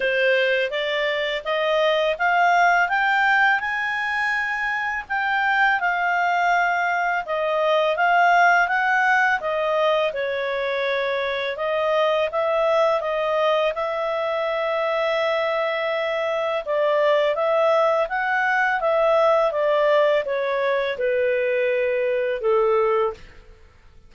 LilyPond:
\new Staff \with { instrumentName = "clarinet" } { \time 4/4 \tempo 4 = 83 c''4 d''4 dis''4 f''4 | g''4 gis''2 g''4 | f''2 dis''4 f''4 | fis''4 dis''4 cis''2 |
dis''4 e''4 dis''4 e''4~ | e''2. d''4 | e''4 fis''4 e''4 d''4 | cis''4 b'2 a'4 | }